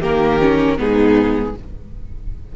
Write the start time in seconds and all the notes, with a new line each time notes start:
0.00 D#3 A#3 G4 A#4
0.41 C#4
0.78 G#2 B3 D#4 G#4